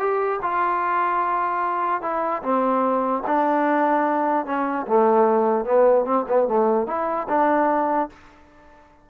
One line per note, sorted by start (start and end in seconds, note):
0.00 0.40 G4
0.43 2.02 F4
2.02 2.43 E4
2.43 3.24 C4
3.27 4.46 D4
4.46 4.87 C#4
4.88 5.65 A3
5.65 6.06 B3
6.06 6.26 C4
6.29 6.48 B3
6.48 6.88 A3
6.88 7.28 E4
7.29 8.10 D4